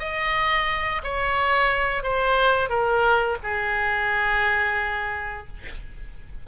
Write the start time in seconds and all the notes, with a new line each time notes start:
0.00 D#5
1.04 C#5
2.04 C5
2.70 A#4
3.43 G#4